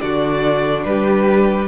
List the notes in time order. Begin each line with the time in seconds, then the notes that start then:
0.00 D3 D4 F#4 D5
0.85 G3 G4 B4